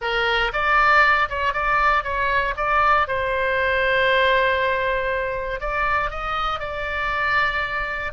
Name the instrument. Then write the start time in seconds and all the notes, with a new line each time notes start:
oboe
0.01 A#4
0.52 D5
1.29 C#5
1.53 D5
2.03 C#5
2.56 D5
3.07 C5
5.60 D5
6.10 D#5
6.59 D5